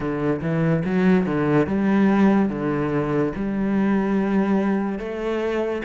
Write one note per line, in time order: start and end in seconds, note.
0.00 0.41 D3
0.41 0.83 E3
0.84 1.26 F#3
1.26 1.67 D3
1.67 2.49 G3
2.49 3.32 D3
3.35 4.98 G3
4.98 5.82 A3